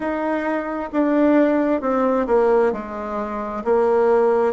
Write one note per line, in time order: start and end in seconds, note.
0.00 0.90 D#4
0.92 1.81 D4
1.81 2.26 C4
2.26 2.72 A#3
2.72 3.63 G#3
3.64 4.53 A#3